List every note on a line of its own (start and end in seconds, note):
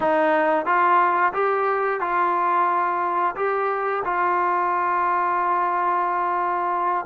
0.00 0.65 D#4
0.65 1.33 F4
1.33 2.00 G4
2.00 3.35 F4
3.35 4.03 G4
4.04 7.05 F4